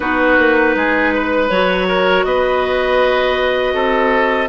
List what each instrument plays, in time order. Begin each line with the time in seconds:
0.00 bassoon B3, clarinet D#4 B4, oboe F#4
0.38 bassoon A#3
0.75 bassoon G#3, oboe G#4
1.14 oboe B4
1.49 bassoon F#3, clarinet F#4 C#5
1.88 oboe A#4
2.24 bassoon B3, oboe B4, clarinet D#5
3.74 bassoon C4, oboe A4